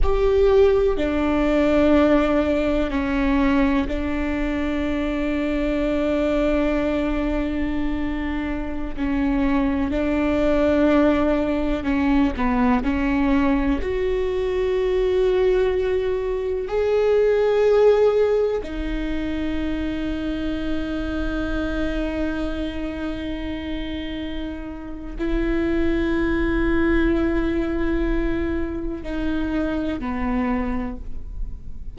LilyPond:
\new Staff \with { instrumentName = "viola" } { \time 4/4 \tempo 4 = 62 g'4 d'2 cis'4 | d'1~ | d'4~ d'16 cis'4 d'4.~ d'16~ | d'16 cis'8 b8 cis'4 fis'4.~ fis'16~ |
fis'4~ fis'16 gis'2 dis'8.~ | dis'1~ | dis'2 e'2~ | e'2 dis'4 b4 | }